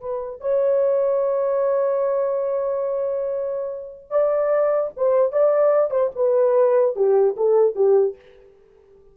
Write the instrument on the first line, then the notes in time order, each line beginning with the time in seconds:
horn
0.00 B4
0.40 C#5
4.10 D5
4.97 C5
5.32 D5
5.90 C5
6.15 B4
6.95 G4
7.36 A4
7.75 G4